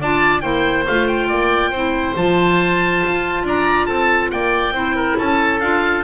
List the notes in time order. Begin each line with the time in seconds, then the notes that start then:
0.00 D4 F4 D5 A5
0.41 A#3 E4 C5 G5
0.87 A3 F4 F5
1.07 G5
1.28 A#3 D5
1.70 C4 E4 C5
2.16 F3 F4 A5
3.06 F4
3.44 D4 D5 A#5
3.86 C4 A4 A5
4.31 A#3 D5 G5
4.71 C4 E4 C5
4.96 A#4
5.18 C#4 A4 A5
5.60 D4 F4 F5